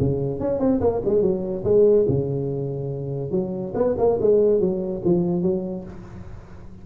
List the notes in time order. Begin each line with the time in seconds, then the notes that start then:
0.00 C#3
0.40 C#4
0.60 C4
0.81 A#3
1.05 G#3
1.22 F#3
1.65 G#3
2.08 C#3
3.31 F#3
3.75 B3
3.98 A#3
4.21 G#3
4.60 F#3
5.05 F3
5.42 F#3